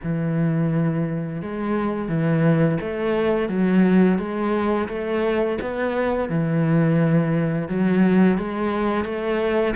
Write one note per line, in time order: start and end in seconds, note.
0.03 1.41 E3
1.41 2.08 G#3
2.08 2.78 E3
2.80 3.48 A3
3.48 4.18 F#3
4.18 4.88 G#3
4.88 5.58 A3
5.61 6.29 B3
6.29 7.68 E3
7.68 8.38 F#3
8.38 9.04 G#3
9.04 9.74 A3